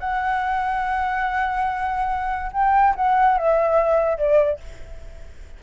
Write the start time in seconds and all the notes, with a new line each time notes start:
0.00 F#5
2.53 G5
2.96 F#5
3.38 E5
4.18 D5